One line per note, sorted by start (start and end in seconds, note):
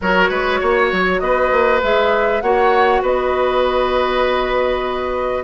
0.01 0.30 F#3
0.01 1.82 F#4
0.01 0.29 A#4
0.01 1.19 C#5
0.29 0.60 G#3
0.29 0.59 B4
0.60 0.92 A#3
0.60 1.20 C#5
0.92 1.21 F#3
1.19 1.51 B3
1.19 2.43 B4
1.19 1.80 D#5
1.51 1.82 A#3
1.82 2.42 G#3
1.82 2.43 G#4
1.82 2.41 E5
2.41 3.01 A#3
2.41 5.44 F#4
2.41 3.02 C#5
2.41 3.02 F#5
3.01 5.44 B3
3.01 5.44 B4
3.01 5.44 D#5